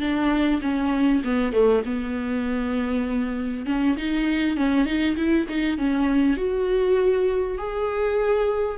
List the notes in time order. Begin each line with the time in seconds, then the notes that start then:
0.00 D4
0.61 C#4
1.24 B3
1.53 A3
1.85 B3
3.66 C#4
3.97 D#4
4.57 C#4
4.85 D#4
5.16 E4
5.49 D#4
5.78 C#4
6.37 F#4
7.58 G#4